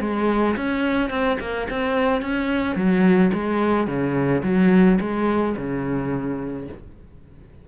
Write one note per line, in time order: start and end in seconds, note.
0.00 0.56 G#3
0.56 1.10 C#4
1.10 1.38 C4
1.40 1.68 A#3
1.70 2.21 C4
2.21 2.76 C#4
2.76 3.31 F#3
3.33 3.87 G#3
3.87 4.42 C#3
4.43 4.99 F#3
5.00 5.56 G#3
5.57 6.68 C#3